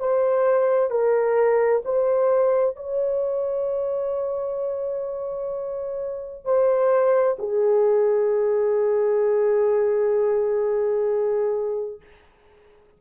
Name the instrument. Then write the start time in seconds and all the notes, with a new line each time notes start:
horn
0.00 C5
0.90 A#4
1.85 C5
2.76 C#5
6.45 C5
7.39 G#4